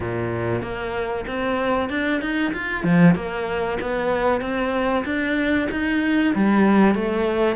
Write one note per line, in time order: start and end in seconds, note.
0.00 0.62 A#2
0.62 1.25 A#3
1.27 1.89 C4
1.89 2.21 D4
2.21 2.52 D#4
2.53 2.83 F4
2.83 3.15 F3
3.15 3.78 A#3
3.80 4.41 B3
4.41 5.04 C4
5.05 5.68 D4
5.71 6.34 D#4
6.34 6.94 G3
6.94 7.56 A3